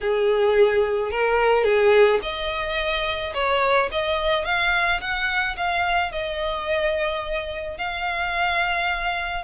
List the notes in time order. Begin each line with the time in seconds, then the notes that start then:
0.01 G#4
1.11 A#4
1.64 G#4
2.22 D#5
3.34 C#5
3.91 D#5
4.44 F5
5.00 F#5
5.57 F5
6.11 D#5
7.77 F5